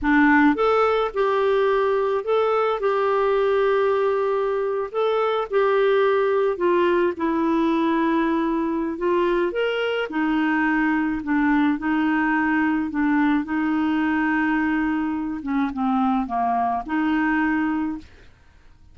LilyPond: \new Staff \with { instrumentName = "clarinet" } { \time 4/4 \tempo 4 = 107 d'4 a'4 g'2 | a'4 g'2.~ | g'8. a'4 g'2 f'16~ | f'8. e'2.~ e'16 |
f'4 ais'4 dis'2 | d'4 dis'2 d'4 | dis'2.~ dis'8 cis'8 | c'4 ais4 dis'2 | }